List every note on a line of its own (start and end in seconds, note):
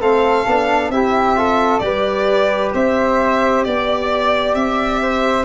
0.00 0.45 A3
0.00 0.46 C4
0.00 0.91 A4
0.00 0.91 F5
0.47 0.89 B3
0.47 0.92 D4
0.89 1.80 C4
0.89 1.35 E4
0.89 1.38 G4
0.89 1.79 E5
1.35 1.80 F4
1.35 1.83 A4
1.79 2.71 G3
1.79 5.44 G4
1.79 2.74 B4
1.79 2.70 D5
2.74 3.65 C4
2.74 3.64 C5
2.74 3.64 E5
3.64 4.54 B3
3.64 4.54 D5
3.64 5.00 D5
4.54 5.45 C4
4.54 5.45 E5
5.02 5.45 C5